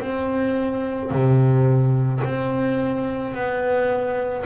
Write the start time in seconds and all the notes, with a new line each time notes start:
0.00 C4
1.11 C3
2.24 C4
3.34 B3